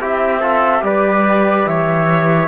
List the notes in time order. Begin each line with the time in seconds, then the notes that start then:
0.00 C4 E4 G4 E5
0.41 F4 A4
0.81 G3 G4 B4 D5
1.66 E3 C#5 E5